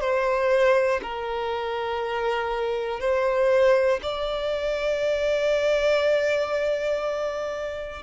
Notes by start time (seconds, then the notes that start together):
0.00 C5
1.02 A#4
3.00 C5
4.02 D5